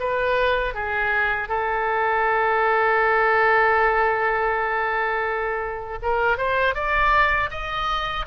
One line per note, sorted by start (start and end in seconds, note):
0.00 0.74 B4
0.74 1.49 G#4
1.49 5.99 A4
6.02 6.38 A#4
6.38 6.75 C5
6.75 7.50 D5
7.51 8.26 D#5